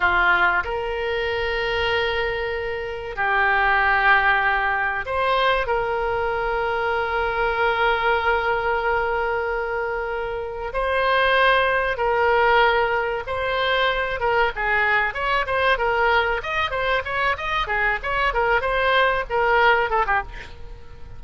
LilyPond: \new Staff \with { instrumentName = "oboe" } { \time 4/4 \tempo 4 = 95 f'4 ais'2.~ | ais'4 g'2. | c''4 ais'2.~ | ais'1~ |
ais'4 c''2 ais'4~ | ais'4 c''4. ais'8 gis'4 | cis''8 c''8 ais'4 dis''8 c''8 cis''8 dis''8 | gis'8 cis''8 ais'8 c''4 ais'4 a'16 g'16 | }